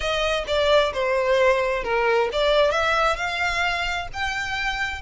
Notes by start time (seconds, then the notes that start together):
0.00 D#5
0.47 D5
0.93 C5
1.83 A#4
2.32 D5
2.71 E5
3.16 F5
4.13 G5